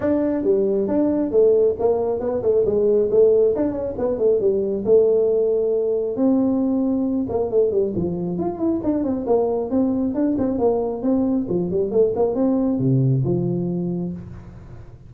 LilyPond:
\new Staff \with { instrumentName = "tuba" } { \time 4/4 \tempo 4 = 136 d'4 g4 d'4 a4 | ais4 b8 a8 gis4 a4 | d'8 cis'8 b8 a8 g4 a4~ | a2 c'2~ |
c'8 ais8 a8 g8 f4 f'8 e'8 | d'8 c'8 ais4 c'4 d'8 c'8 | ais4 c'4 f8 g8 a8 ais8 | c'4 c4 f2 | }